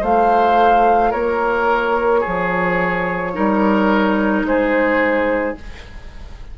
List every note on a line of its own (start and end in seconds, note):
0.00 1.13 A3
0.00 3.33 F4
0.00 1.11 C5
0.00 1.12 F5
1.11 2.25 A#3
1.11 2.21 A#4
1.11 4.46 C#5
2.21 3.32 G#4
2.27 3.37 F3
3.34 4.43 G3
3.34 5.56 D#4
3.34 4.47 A#4
4.43 5.54 G#3
4.43 5.59 G#4
4.43 5.58 C5